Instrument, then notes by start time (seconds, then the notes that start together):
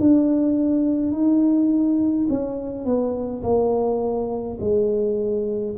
tuba
0.00 D4
1.12 D#4
2.30 C#4
2.85 B3
3.43 A#3
4.60 G#3